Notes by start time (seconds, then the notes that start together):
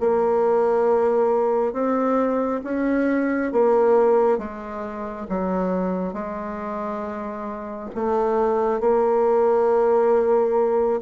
0.00 A#3
1.72 C4
2.64 C#4
3.52 A#3
4.38 G#3
5.29 F#3
6.13 G#3
7.95 A3
8.80 A#3